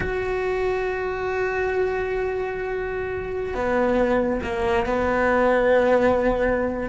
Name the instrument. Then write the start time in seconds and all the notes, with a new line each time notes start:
cello
0.00 F#4
3.54 B3
4.43 A#3
4.86 B3